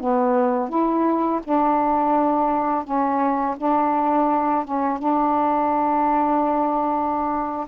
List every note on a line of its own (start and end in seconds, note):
0.00 0.69 B3
0.69 1.41 E4
1.44 2.84 D4
2.84 3.56 C#4
3.57 4.65 D4
4.65 4.99 C#4
4.99 7.67 D4